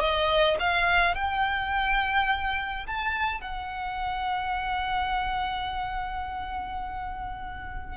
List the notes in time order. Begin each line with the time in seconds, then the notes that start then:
0.00 D#5
0.60 F5
1.15 G5
2.87 A5
3.41 F#5